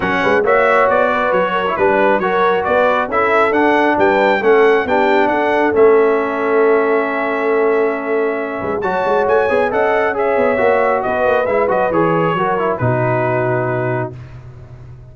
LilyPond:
<<
  \new Staff \with { instrumentName = "trumpet" } { \time 4/4 \tempo 4 = 136 fis''4 e''4 d''4 cis''4 | b'4 cis''4 d''4 e''4 | fis''4 g''4 fis''4 g''4 | fis''4 e''2.~ |
e''1 | a''4 gis''4 fis''4 e''4~ | e''4 dis''4 e''8 dis''8 cis''4~ | cis''4 b'2. | }
  \new Staff \with { instrumentName = "horn" } { \time 4/4 ais'8 b'8 cis''4. b'4 ais'8 | b'4 ais'4 b'4 a'4~ | a'4 b'4 a'4 g'4 | a'1~ |
a'2.~ a'8 b'8 | cis''2 dis''4 cis''4~ | cis''4 b'2. | ais'4 fis'2. | }
  \new Staff \with { instrumentName = "trombone" } { \time 4/4 cis'4 fis'2~ fis'8. e'16 | d'4 fis'2 e'4 | d'2 cis'4 d'4~ | d'4 cis'2.~ |
cis'1 | fis'4. gis'8 a'4 gis'4 | fis'2 e'8 fis'8 gis'4 | fis'8 e'8 dis'2. | }
  \new Staff \with { instrumentName = "tuba" } { \time 4/4 fis8 gis8 ais4 b4 fis4 | g4 fis4 b4 cis'4 | d'4 g4 a4 b4 | d'4 a2.~ |
a2.~ a8 gis8 | fis8 gis8 a8 b8 cis'4. b8 | ais4 b8 ais8 gis8 fis8 e4 | fis4 b,2. | }
>>